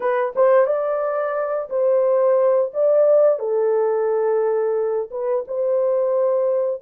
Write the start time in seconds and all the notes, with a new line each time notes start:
0.00 B4
0.35 C5
0.66 D5
1.69 C5
2.73 D5
3.39 A4
5.10 B4
5.47 C5